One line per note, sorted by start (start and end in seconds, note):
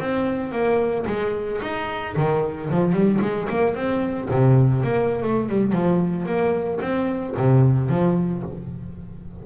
0.00 0.52 C4
0.52 1.05 A#3
1.07 1.60 G#3
1.62 2.16 D#4
2.16 2.70 D#3
2.70 2.92 F3
2.92 3.19 G3
3.22 3.48 G#3
3.49 3.75 A#3
3.75 4.29 C4
4.31 4.84 C3
4.84 5.23 A#3
5.23 5.49 A3
5.49 5.72 G3
5.72 6.26 F3
6.26 6.79 A#3
6.81 7.35 C4
7.37 7.89 C3
7.89 8.43 F3